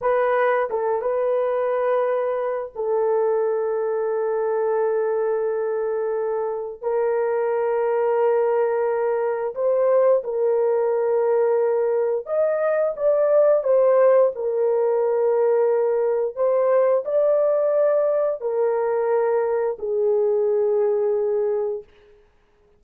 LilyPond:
\new Staff \with { instrumentName = "horn" } { \time 4/4 \tempo 4 = 88 b'4 a'8 b'2~ b'8 | a'1~ | a'2 ais'2~ | ais'2 c''4 ais'4~ |
ais'2 dis''4 d''4 | c''4 ais'2. | c''4 d''2 ais'4~ | ais'4 gis'2. | }